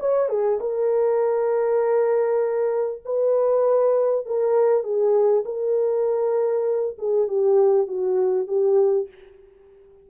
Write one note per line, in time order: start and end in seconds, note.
0.00 0.29 C#5
0.29 0.60 G#4
0.61 3.03 A#4
3.05 4.26 B4
4.26 4.83 A#4
4.83 5.44 G#4
5.45 6.97 A#4
6.99 7.28 G#4
7.28 7.88 G4
7.88 8.48 F#4
8.48 9.08 G4